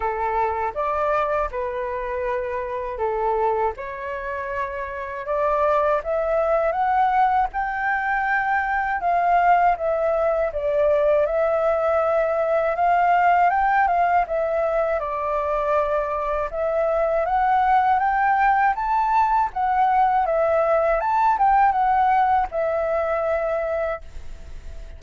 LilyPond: \new Staff \with { instrumentName = "flute" } { \time 4/4 \tempo 4 = 80 a'4 d''4 b'2 | a'4 cis''2 d''4 | e''4 fis''4 g''2 | f''4 e''4 d''4 e''4~ |
e''4 f''4 g''8 f''8 e''4 | d''2 e''4 fis''4 | g''4 a''4 fis''4 e''4 | a''8 g''8 fis''4 e''2 | }